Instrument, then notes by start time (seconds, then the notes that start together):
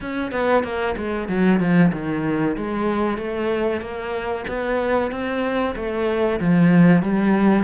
cello
0.01 C#4
0.31 B3
0.63 A#3
0.97 G#3
1.28 F#3
1.60 F3
1.92 D#3
2.56 G#3
3.17 A3
3.81 A#3
4.48 B3
5.11 C4
5.75 A3
6.39 F3
7.02 G3